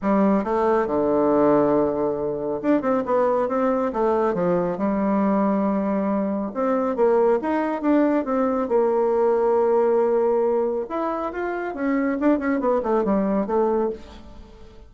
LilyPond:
\new Staff \with { instrumentName = "bassoon" } { \time 4/4 \tempo 4 = 138 g4 a4 d2~ | d2 d'8 c'8 b4 | c'4 a4 f4 g4~ | g2. c'4 |
ais4 dis'4 d'4 c'4 | ais1~ | ais4 e'4 f'4 cis'4 | d'8 cis'8 b8 a8 g4 a4 | }